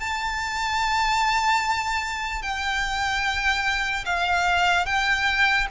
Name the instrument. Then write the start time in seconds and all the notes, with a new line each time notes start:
violin
0.00 A5
2.43 G5
4.06 F5
4.86 G5